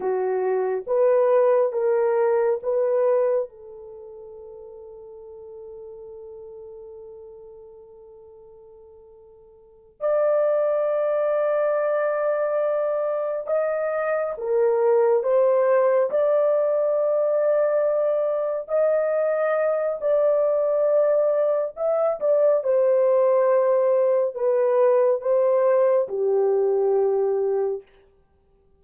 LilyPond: \new Staff \with { instrumentName = "horn" } { \time 4/4 \tempo 4 = 69 fis'4 b'4 ais'4 b'4 | a'1~ | a'2.~ a'8 d''8~ | d''2.~ d''8 dis''8~ |
dis''8 ais'4 c''4 d''4.~ | d''4. dis''4. d''4~ | d''4 e''8 d''8 c''2 | b'4 c''4 g'2 | }